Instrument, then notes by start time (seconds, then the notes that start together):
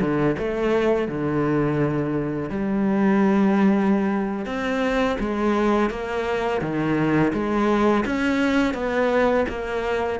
cello
0.00 D3
0.38 A3
1.08 D3
2.49 G3
4.45 C4
5.19 G#3
5.90 A#3
6.61 D#3
7.33 G#3
8.05 C#4
8.74 B3
9.48 A#3